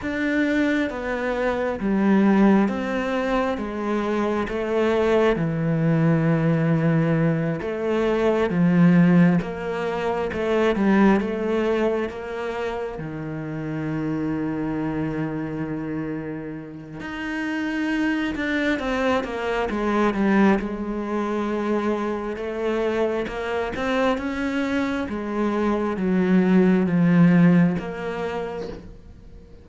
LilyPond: \new Staff \with { instrumentName = "cello" } { \time 4/4 \tempo 4 = 67 d'4 b4 g4 c'4 | gis4 a4 e2~ | e8 a4 f4 ais4 a8 | g8 a4 ais4 dis4.~ |
dis2. dis'4~ | dis'8 d'8 c'8 ais8 gis8 g8 gis4~ | gis4 a4 ais8 c'8 cis'4 | gis4 fis4 f4 ais4 | }